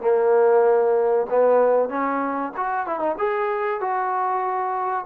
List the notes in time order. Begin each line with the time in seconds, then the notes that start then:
0.00 A#3
1.29 B3
1.88 C#4
2.56 F#4
2.86 E4
2.99 D#4
3.18 G#4
3.80 F#4